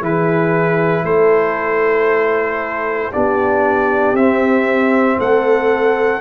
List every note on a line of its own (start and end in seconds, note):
0.00 1.03 E3
0.00 3.12 E4
0.00 1.03 G#4
0.00 1.05 B4
1.03 3.10 A3
1.03 3.11 A4
1.03 3.12 C5
3.11 4.13 B3
3.11 4.16 D4
3.11 5.18 G4
3.11 4.16 D5
4.13 5.16 C4
4.13 6.21 C4
4.13 5.19 E5
5.18 6.21 A3
5.18 6.21 A4
5.18 6.21 F#5